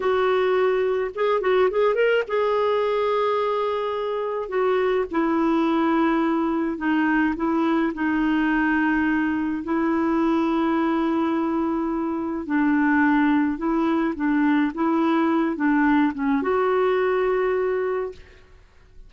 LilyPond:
\new Staff \with { instrumentName = "clarinet" } { \time 4/4 \tempo 4 = 106 fis'2 gis'8 fis'8 gis'8 ais'8 | gis'1 | fis'4 e'2. | dis'4 e'4 dis'2~ |
dis'4 e'2.~ | e'2 d'2 | e'4 d'4 e'4. d'8~ | d'8 cis'8 fis'2. | }